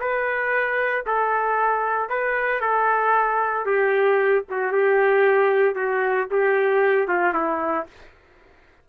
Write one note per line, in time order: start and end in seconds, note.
0.00 1.05 B4
1.06 2.10 A4
2.10 2.61 B4
2.61 3.66 A4
3.66 4.44 G4
4.50 4.72 F#4
4.72 5.75 G4
5.75 6.28 F#4
6.31 7.08 G4
7.08 7.34 F4
7.34 7.87 E4